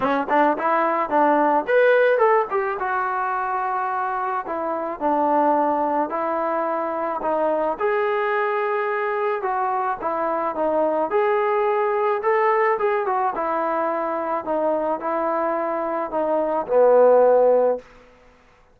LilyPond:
\new Staff \with { instrumentName = "trombone" } { \time 4/4 \tempo 4 = 108 cis'8 d'8 e'4 d'4 b'4 | a'8 g'8 fis'2. | e'4 d'2 e'4~ | e'4 dis'4 gis'2~ |
gis'4 fis'4 e'4 dis'4 | gis'2 a'4 gis'8 fis'8 | e'2 dis'4 e'4~ | e'4 dis'4 b2 | }